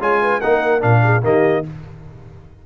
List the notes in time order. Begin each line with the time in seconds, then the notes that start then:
0.00 G#3 F4 C#5 G#5
0.22 B4
0.41 A#3 D#4 A#4 F#5
0.81 A#2 D4 F5
1.03 G#4
1.23 D#3 A#3 G4 D#5